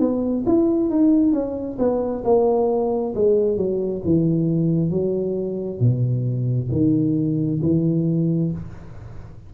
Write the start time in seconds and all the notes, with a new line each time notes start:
0.00 B3
0.46 E4
0.90 D#4
1.33 C#4
1.79 B3
2.25 A#3
3.15 G#3
3.57 F#3
4.05 E3
4.91 F#3
5.80 B2
6.72 D#3
7.62 E3